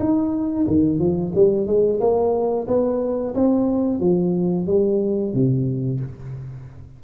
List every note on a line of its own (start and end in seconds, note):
0.00 0.67 D#4
0.68 0.99 D#3
0.99 1.33 F3
1.35 1.67 G3
1.67 2.00 G#3
2.01 2.68 A#3
2.68 3.35 B3
3.35 4.00 C4
4.00 4.67 F3
4.67 5.34 G3
5.34 6.01 C3